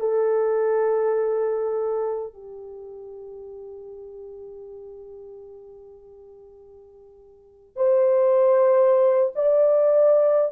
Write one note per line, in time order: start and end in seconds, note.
0.00 2.33 A4
2.33 7.76 G4
7.76 9.32 C5
9.35 10.52 D5